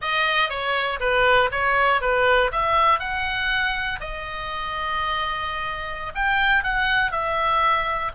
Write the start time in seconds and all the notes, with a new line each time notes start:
0.01 D#5
0.49 C#5
1.00 B4
1.51 C#5
2.01 B4
2.51 E5
2.99 F#5
4.00 D#5
6.14 G5
6.63 F#5
7.11 E5